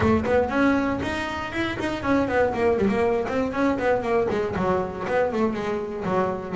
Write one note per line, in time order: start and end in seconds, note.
0.00 0.24 A3
0.25 0.49 B3
0.49 0.99 C#4
1.02 1.52 D#4
1.52 1.77 E4
1.79 2.02 D#4
2.02 2.28 C#4
2.28 2.53 B3
2.53 2.78 A#3
2.78 2.88 G3
2.88 3.26 A#3
3.28 3.52 C4
3.52 3.77 C#4
3.78 4.02 B3
4.02 4.27 A#3
4.30 4.55 G#3
4.56 5.06 F#3
5.07 5.32 B3
5.32 5.53 A3
5.53 6.04 G#3
6.04 6.55 F#3